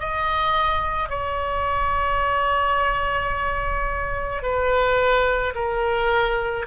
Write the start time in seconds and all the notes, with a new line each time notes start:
0.00 D#5
1.10 C#5
4.43 B4
5.56 A#4